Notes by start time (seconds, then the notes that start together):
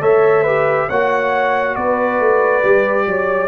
0.00 A3 A4 C#5 E5
0.43 G4 B4
0.88 A#3 F#4 C#5 F#5
1.75 B3 B4 D5
2.19 A3
2.62 G3 G4
3.06 F#3 C#5